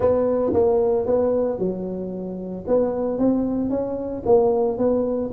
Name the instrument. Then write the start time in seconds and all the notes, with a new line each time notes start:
tuba
0.00 B3
0.53 A#3
1.05 B3
1.58 F#3
2.67 B3
3.18 C4
3.70 C#4
4.25 A#3
4.77 B3